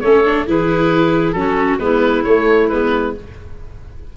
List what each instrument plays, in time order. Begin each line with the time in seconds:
0.00 tuba A3, viola C#4, clarinet A4, oboe C#5
0.24 viola D4
0.46 tuba E3, viola E4, clarinet G#4, oboe B4
1.32 tuba F#3, viola C#4, clarinet F#4, oboe A4
1.79 tuba G#3, viola B3, clarinet E4, oboe B4
2.24 tuba A3, viola A3, oboe C#5
2.69 tuba G#3, viola B3, oboe B4